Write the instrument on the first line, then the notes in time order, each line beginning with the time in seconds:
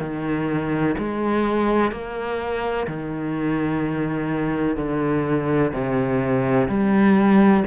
cello
0.00 D#3
0.98 G#3
1.91 A#3
2.87 D#3
4.77 D3
5.73 C3
6.68 G3